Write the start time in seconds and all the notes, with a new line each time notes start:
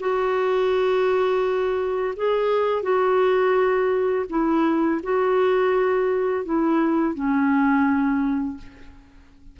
0.00 F#4
2.16 G#4
2.83 F#4
4.30 E4
5.03 F#4
6.45 E4
7.15 C#4